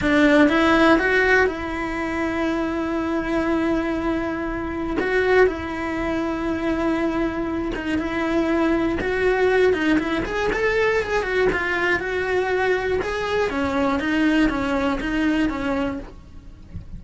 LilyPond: \new Staff \with { instrumentName = "cello" } { \time 4/4 \tempo 4 = 120 d'4 e'4 fis'4 e'4~ | e'1~ | e'2 fis'4 e'4~ | e'2.~ e'8 dis'8 |
e'2 fis'4. dis'8 | e'8 gis'8 a'4 gis'8 fis'8 f'4 | fis'2 gis'4 cis'4 | dis'4 cis'4 dis'4 cis'4 | }